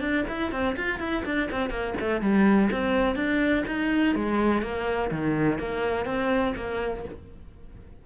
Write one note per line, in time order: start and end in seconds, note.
0.00 0.24 D4
0.28 0.51 E4
0.51 0.75 C4
0.76 0.99 F4
0.99 1.23 E4
1.25 1.49 D4
1.51 1.70 C4
1.70 1.94 A#3
2.00 2.21 A3
2.21 2.69 G3
2.71 3.15 C4
3.15 3.64 D4
3.66 4.15 D#4
4.15 4.62 G#3
4.62 5.10 A#3
5.10 5.58 D#3
5.58 6.05 A#3
6.05 6.54 C4
6.56 7.04 A#3